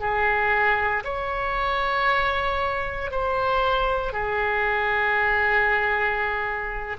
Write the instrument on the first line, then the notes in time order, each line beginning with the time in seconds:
oboe
0.00 G#4
1.04 C#5
3.11 C5
4.12 G#4